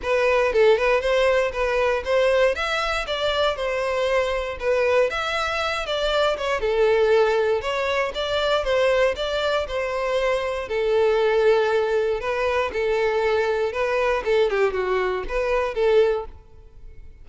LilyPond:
\new Staff \with { instrumentName = "violin" } { \time 4/4 \tempo 4 = 118 b'4 a'8 b'8 c''4 b'4 | c''4 e''4 d''4 c''4~ | c''4 b'4 e''4. d''8~ | d''8 cis''8 a'2 cis''4 |
d''4 c''4 d''4 c''4~ | c''4 a'2. | b'4 a'2 b'4 | a'8 g'8 fis'4 b'4 a'4 | }